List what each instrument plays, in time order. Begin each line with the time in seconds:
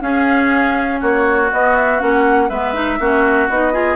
0.00 clarinet C#4, bassoon C#4, oboe G#4, flute F5
1.00 bassoon A#3, oboe F#4, flute C#5
1.52 clarinet B3, bassoon B3, flute D#5
1.76 flute E5
1.99 bassoon A#3, clarinet C#4, flute F#5
2.49 bassoon G#3, clarinet B3, oboe B4, flute E5
2.73 clarinet D#4
2.99 bassoon A#3, clarinet C#4, oboe F#4
3.49 bassoon B3, clarinet D#4, flute D#5
3.72 clarinet F4, oboe G#4